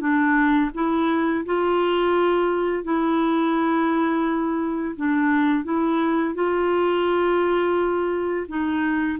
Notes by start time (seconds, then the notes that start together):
0.00 D4
0.74 E4
1.45 F4
2.84 E4
4.96 D4
5.64 E4
6.35 F4
8.48 D#4